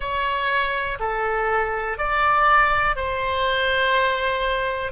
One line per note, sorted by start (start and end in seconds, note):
0.00 0.98 C#5
0.99 1.98 A4
1.98 2.96 D5
2.96 4.91 C5